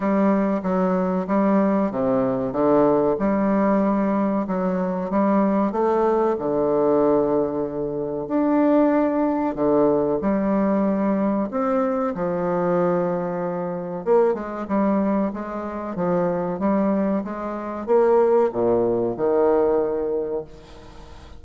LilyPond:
\new Staff \with { instrumentName = "bassoon" } { \time 4/4 \tempo 4 = 94 g4 fis4 g4 c4 | d4 g2 fis4 | g4 a4 d2~ | d4 d'2 d4 |
g2 c'4 f4~ | f2 ais8 gis8 g4 | gis4 f4 g4 gis4 | ais4 ais,4 dis2 | }